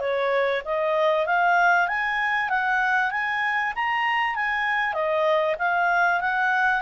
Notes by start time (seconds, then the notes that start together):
0.00 C#5
0.65 D#5
1.26 F5
1.88 G#5
2.49 F#5
3.11 G#5
3.75 A#5
4.35 G#5
4.93 D#5
5.58 F5
6.21 F#5